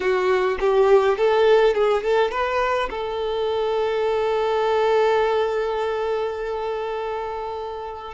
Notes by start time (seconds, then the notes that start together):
0.00 F#4
0.60 G4
1.17 A4
1.74 G#4
2.03 A4
2.31 B4
2.89 A4